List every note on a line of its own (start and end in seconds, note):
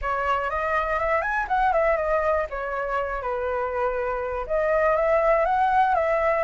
0.01 0.50 C#5
0.50 0.99 D#5
0.99 1.21 E5
1.21 1.46 G#5
1.48 1.72 F#5
1.72 1.97 E5
1.97 2.46 D#5
2.50 3.22 C#5
3.22 4.46 B4
4.47 4.96 D#5
4.96 5.45 E5
5.45 5.94 F#5
5.94 6.43 E5